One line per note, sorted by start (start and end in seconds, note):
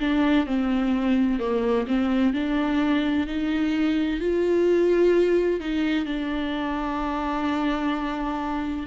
0.00 0.46 D4
0.46 1.39 C4
1.39 1.86 A#3
1.87 2.33 C4
2.33 3.27 D4
3.27 4.20 D#4
4.20 5.60 F4
5.60 6.05 D#4
6.05 8.86 D4